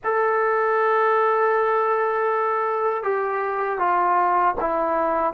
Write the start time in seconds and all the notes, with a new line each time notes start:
0.04 A4
3.03 G4
3.78 F4
4.60 E4